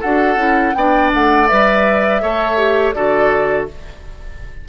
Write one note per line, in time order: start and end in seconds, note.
0.00 0.36 D4
0.00 0.36 F#4
0.00 0.73 A4
0.00 0.74 F#5
0.36 0.72 C#4
0.36 0.73 E4
0.74 1.12 B3
0.74 1.48 D4
0.74 2.21 D5
0.74 1.11 G5
1.13 1.50 A3
1.13 1.47 F#5
1.47 2.22 G3
1.47 2.21 B4
1.47 2.93 E5
2.21 2.94 A3
2.21 2.57 A4
2.21 2.95 C#5
2.57 2.93 G4
2.93 3.67 D3
2.93 3.68 F#4
2.93 3.68 A4
2.93 3.66 D5